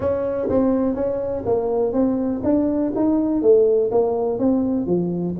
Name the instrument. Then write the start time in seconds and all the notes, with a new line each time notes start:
tuba
0.00 C#4
0.49 C4
0.95 C#4
1.45 A#3
1.93 C4
2.43 D4
2.95 D#4
3.41 A3
3.91 A#3
4.39 C4
4.86 F3